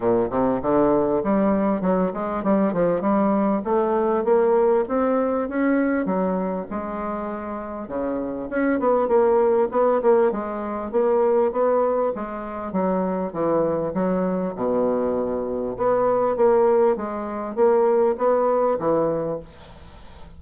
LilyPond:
\new Staff \with { instrumentName = "bassoon" } { \time 4/4 \tempo 4 = 99 ais,8 c8 d4 g4 fis8 gis8 | g8 f8 g4 a4 ais4 | c'4 cis'4 fis4 gis4~ | gis4 cis4 cis'8 b8 ais4 |
b8 ais8 gis4 ais4 b4 | gis4 fis4 e4 fis4 | b,2 b4 ais4 | gis4 ais4 b4 e4 | }